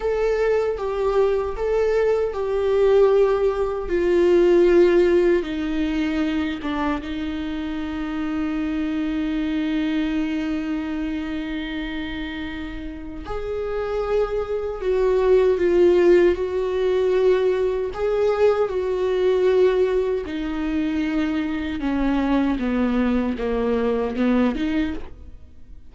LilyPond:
\new Staff \with { instrumentName = "viola" } { \time 4/4 \tempo 4 = 77 a'4 g'4 a'4 g'4~ | g'4 f'2 dis'4~ | dis'8 d'8 dis'2.~ | dis'1~ |
dis'4 gis'2 fis'4 | f'4 fis'2 gis'4 | fis'2 dis'2 | cis'4 b4 ais4 b8 dis'8 | }